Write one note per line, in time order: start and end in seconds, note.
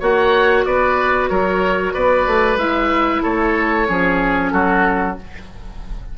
0.00 0.66 A#3
0.00 2.59 F#4
0.00 0.65 C#5
0.00 0.65 F#5
0.65 1.30 B3
0.65 1.30 B4
0.65 1.29 D5
1.29 1.95 F#3
1.29 1.94 A#4
1.29 1.93 C#5
1.94 2.27 B3
1.94 3.23 B4
1.94 2.59 D5
2.27 2.57 A3
2.57 3.21 G#3
2.57 3.88 E4
2.57 3.23 E5
3.23 3.89 A3
3.23 3.87 A4
3.23 4.52 C#5
3.88 4.53 F3
3.88 5.17 C#4
3.88 4.53 G#4
4.52 5.18 F#3
4.52 5.18 F#4
4.52 5.16 A4